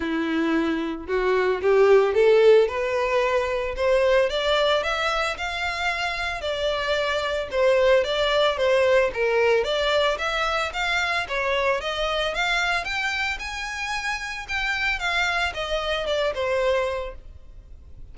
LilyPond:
\new Staff \with { instrumentName = "violin" } { \time 4/4 \tempo 4 = 112 e'2 fis'4 g'4 | a'4 b'2 c''4 | d''4 e''4 f''2 | d''2 c''4 d''4 |
c''4 ais'4 d''4 e''4 | f''4 cis''4 dis''4 f''4 | g''4 gis''2 g''4 | f''4 dis''4 d''8 c''4. | }